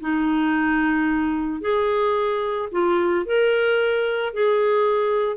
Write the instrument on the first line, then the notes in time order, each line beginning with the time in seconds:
clarinet
0.00 D#4
1.60 G#4
2.71 F4
3.25 A#4
4.33 G#4